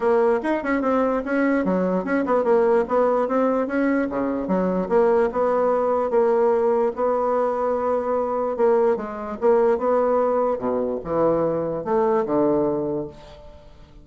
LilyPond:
\new Staff \with { instrumentName = "bassoon" } { \time 4/4 \tempo 4 = 147 ais4 dis'8 cis'8 c'4 cis'4 | fis4 cis'8 b8 ais4 b4 | c'4 cis'4 cis4 fis4 | ais4 b2 ais4~ |
ais4 b2.~ | b4 ais4 gis4 ais4 | b2 b,4 e4~ | e4 a4 d2 | }